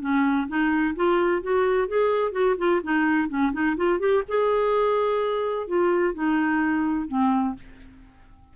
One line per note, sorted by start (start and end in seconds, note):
0.00 0.47 C#4
0.48 0.95 D#4
0.95 1.42 F4
1.42 1.87 F#4
1.87 2.32 G#4
2.32 2.55 F#4
2.57 2.81 F4
2.83 3.28 D#4
3.28 3.52 C#4
3.52 3.76 D#4
3.76 3.99 F4
3.99 4.23 G4
4.28 5.67 G#4
5.67 6.14 F4
6.14 7.08 D#4
7.08 7.55 C4